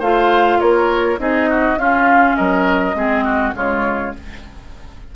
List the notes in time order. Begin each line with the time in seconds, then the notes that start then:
0.00 A3 F4 C5 F5
0.60 A#3 A#4 C#5
1.18 C4 D#4 G#4 D#5
1.50 F#4
1.77 C#4 F4 F5
2.36 F#3 A#4 D#5
2.95 G#3 C4 G#4
3.25 F#4
3.54 C#3 G#3 F4 C#5